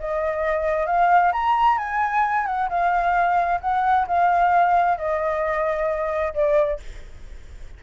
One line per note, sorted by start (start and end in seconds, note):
0.00 0.87 D#5
0.87 1.32 F5
1.33 1.78 A#5
1.78 2.46 G#5
2.46 2.69 F#5
2.69 3.60 F5
3.61 4.06 F#5
4.08 4.98 F5
4.98 6.34 D#5
6.34 6.80 D5